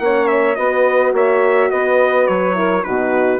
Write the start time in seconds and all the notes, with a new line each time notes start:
0.00 A#3 C#4 C#5 F#5
0.27 E5
0.55 B3 F#4 B4 D#5
1.13 A#3 C#5 E5
1.71 B3 B4 D#5
2.27 F#3 C#5
2.54 E4 A#4
2.84 B2 D#4 F#4 B4